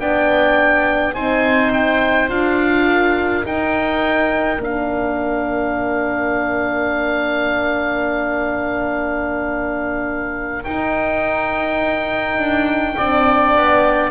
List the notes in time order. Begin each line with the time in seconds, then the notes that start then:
0.00 B3 D4 D5 G5
1.14 C4 D#4 C5 G#5
1.73 G5
2.29 D4 F4 F5
2.87 A#4
3.44 D#4 G5
4.59 A#3 D4 F5
10.64 D#4 G5
12.38 D4
12.97 C4 D4 D5
13.56 B3